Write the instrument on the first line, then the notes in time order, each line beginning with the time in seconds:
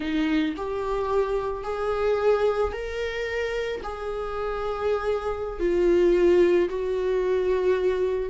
viola
0.00 D#4
0.56 G4
1.63 G#4
2.72 A#4
3.83 G#4
5.59 F4
6.69 F#4